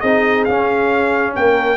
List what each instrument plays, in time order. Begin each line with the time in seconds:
0.00 tuba C4, trombone D#4, horn G#4, trumpet D#5
0.44 tuba C#4, trombone C#4, trumpet F5
1.35 tuba A#3, horn A#4, trumpet G5